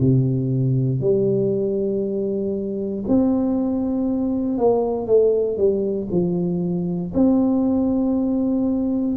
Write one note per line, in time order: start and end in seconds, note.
0.00 1.00 C3
1.00 3.04 G3
3.07 4.58 C4
4.58 5.06 A#3
5.06 5.57 A3
5.57 6.08 G3
6.11 7.12 F3
7.14 9.17 C4